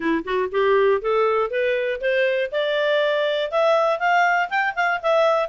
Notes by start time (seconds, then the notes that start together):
0.00 E4
0.24 F#4
0.51 G4
1.01 A4
1.50 B4
2.00 C5
2.51 D5
3.51 E5
3.99 F5
4.49 G5
4.75 F5
5.02 E5